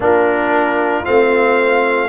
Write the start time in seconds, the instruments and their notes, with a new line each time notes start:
0.00 tuba A#3, trombone D4, horn F4, trumpet A#4
1.04 tuba A3, trombone C4, trumpet F5